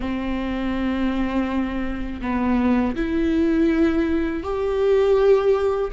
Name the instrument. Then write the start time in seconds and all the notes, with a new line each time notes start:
viola
0.00 C4
2.21 B3
2.95 E4
4.43 G4